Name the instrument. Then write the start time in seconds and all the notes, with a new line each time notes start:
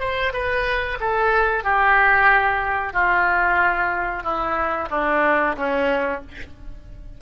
oboe
0.00 C5
0.33 B4
1.00 A4
1.64 G4
2.93 F4
4.23 E4
4.91 D4
5.56 C#4